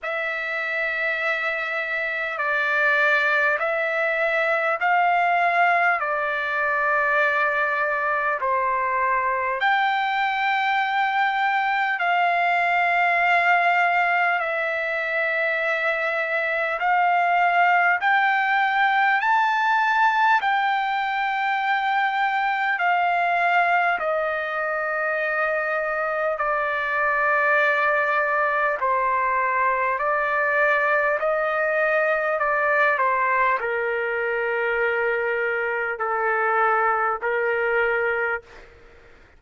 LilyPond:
\new Staff \with { instrumentName = "trumpet" } { \time 4/4 \tempo 4 = 50 e''2 d''4 e''4 | f''4 d''2 c''4 | g''2 f''2 | e''2 f''4 g''4 |
a''4 g''2 f''4 | dis''2 d''2 | c''4 d''4 dis''4 d''8 c''8 | ais'2 a'4 ais'4 | }